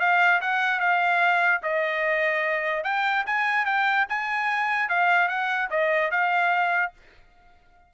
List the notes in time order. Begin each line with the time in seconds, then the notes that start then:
0.00 F5
0.41 F#5
0.80 F5
1.63 D#5
2.84 G5
3.26 G#5
3.66 G5
4.09 G#5
4.89 F5
5.28 F#5
5.70 D#5
6.11 F5